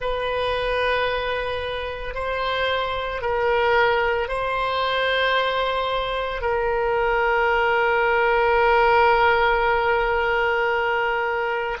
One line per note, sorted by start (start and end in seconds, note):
0.00 2.14 B4
2.14 3.21 C5
3.21 4.28 A#4
4.28 6.41 C5
6.41 11.77 A#4